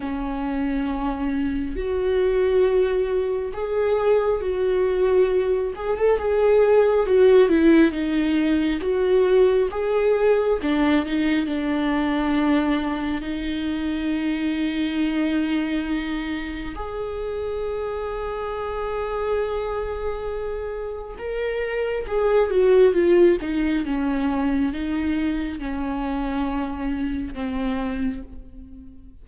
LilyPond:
\new Staff \with { instrumentName = "viola" } { \time 4/4 \tempo 4 = 68 cis'2 fis'2 | gis'4 fis'4. gis'16 a'16 gis'4 | fis'8 e'8 dis'4 fis'4 gis'4 | d'8 dis'8 d'2 dis'4~ |
dis'2. gis'4~ | gis'1 | ais'4 gis'8 fis'8 f'8 dis'8 cis'4 | dis'4 cis'2 c'4 | }